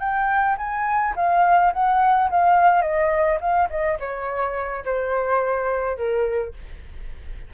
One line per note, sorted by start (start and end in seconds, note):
0.00 0.57 G5
0.58 1.14 G#5
1.16 1.73 F5
1.73 2.30 F#5
2.31 2.82 F5
2.82 3.39 D#5
3.41 3.69 F5
3.70 3.98 D#5
4.00 4.84 C#5
4.85 5.97 C5
5.97 6.54 A#4